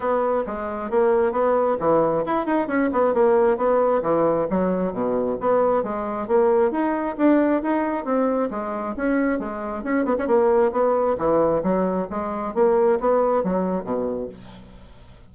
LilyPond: \new Staff \with { instrumentName = "bassoon" } { \time 4/4 \tempo 4 = 134 b4 gis4 ais4 b4 | e4 e'8 dis'8 cis'8 b8 ais4 | b4 e4 fis4 b,4 | b4 gis4 ais4 dis'4 |
d'4 dis'4 c'4 gis4 | cis'4 gis4 cis'8 b16 cis'16 ais4 | b4 e4 fis4 gis4 | ais4 b4 fis4 b,4 | }